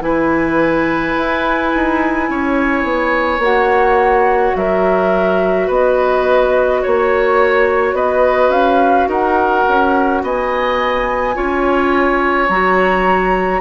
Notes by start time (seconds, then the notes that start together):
0.00 E3 E4 B4 G#5
1.17 E4
1.75 D#4
2.29 C#4 C#5
2.83 B3
3.39 A#3 F#4 F#5
4.56 F#3 A#4 E5
5.67 B3 B4 D#5
6.83 A#3 C#5
7.93 B3 B4 D#5
8.49 C#4 F5
9.08 D#4 A#4 F#5
9.68 C#4
10.23 B3 D#5 G#5
11.35 C#4 F4 C#5
12.49 F#3 F#4 A#5